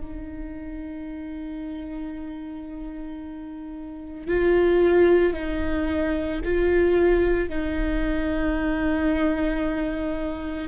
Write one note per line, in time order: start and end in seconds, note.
0.00 4.27 D#4
4.27 5.33 F4
5.33 6.40 D#4
6.44 7.49 F4
7.49 10.68 D#4